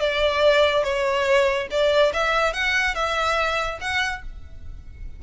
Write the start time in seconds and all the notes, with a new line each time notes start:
0.00 D5
0.84 C#5
1.71 D5
2.13 E5
2.53 F#5
2.95 E5
3.81 F#5